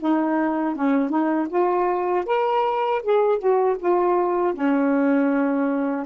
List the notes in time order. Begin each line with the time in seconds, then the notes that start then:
0.00 D#4
0.75 C#4
1.09 D#4
1.49 F4
2.26 A#4
3.03 G#4
3.39 F#4
3.79 F4
4.54 C#4